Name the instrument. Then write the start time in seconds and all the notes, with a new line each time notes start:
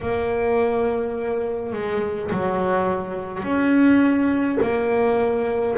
double bass
0.01 A#3
1.73 G#3
2.31 F#3
3.43 C#4
4.62 A#3